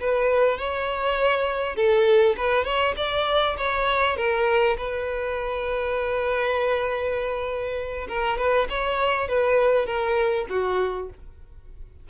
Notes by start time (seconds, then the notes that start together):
0.00 B4
0.58 C#5
1.75 A4
2.36 B4
2.64 C#5
2.96 D5
3.57 C#5
4.16 A#4
4.77 B4
8.08 A#4
8.38 B4
8.69 C#5
9.28 B4
9.86 A#4
10.49 F#4